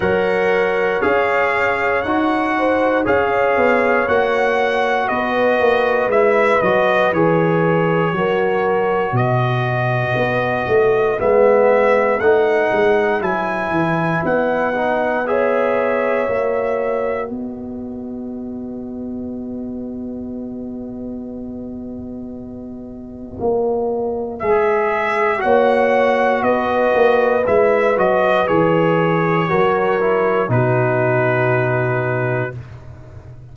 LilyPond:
<<
  \new Staff \with { instrumentName = "trumpet" } { \time 4/4 \tempo 4 = 59 fis''4 f''4 fis''4 f''4 | fis''4 dis''4 e''8 dis''8 cis''4~ | cis''4 dis''2 e''4 | fis''4 gis''4 fis''4 e''4~ |
e''4 dis''2.~ | dis''1 | e''4 fis''4 dis''4 e''8 dis''8 | cis''2 b'2 | }
  \new Staff \with { instrumentName = "horn" } { \time 4/4 cis''2~ cis''8 c''8 cis''4~ | cis''4 b'2. | ais'4 b'2.~ | b'2. cis''4~ |
cis''4 b'2.~ | b'1~ | b'4 cis''4 b'2~ | b'4 ais'4 fis'2 | }
  \new Staff \with { instrumentName = "trombone" } { \time 4/4 ais'4 gis'4 fis'4 gis'4 | fis'2 e'8 fis'8 gis'4 | fis'2. b4 | dis'4 e'4. dis'8 gis'4 |
fis'1~ | fis'1 | gis'4 fis'2 e'8 fis'8 | gis'4 fis'8 e'8 dis'2 | }
  \new Staff \with { instrumentName = "tuba" } { \time 4/4 fis4 cis'4 dis'4 cis'8 b8 | ais4 b8 ais8 gis8 fis8 e4 | fis4 b,4 b8 a8 gis4 | a8 gis8 fis8 e8 b2 |
ais4 b2.~ | b2. ais4 | gis4 ais4 b8 ais8 gis8 fis8 | e4 fis4 b,2 | }
>>